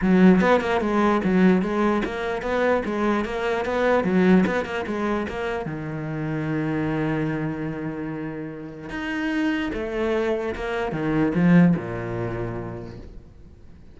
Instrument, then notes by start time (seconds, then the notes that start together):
cello
0.01 F#3
0.41 B3
0.61 A#3
0.80 G#3
1.24 F#3
1.62 G#3
2.04 A#3
2.41 B3
2.85 G#3
3.25 A#3
3.65 B3
4.03 F#3
4.46 B3
4.65 A#3
4.86 G#3
5.28 A#3
5.65 D#3
8.89 D#4
9.73 A3
10.55 A#3
10.92 D#3
11.34 F3
11.76 A#2